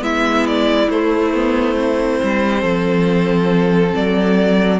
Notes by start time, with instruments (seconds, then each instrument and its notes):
0.00 cello G#3, viola B3, violin E4 E5
0.47 violin D5
0.90 cello A3, viola A3, violin C5
1.34 viola B3
1.75 viola C4
2.24 cello G3
2.61 cello F3, violin A4
3.96 cello F#3, violin D5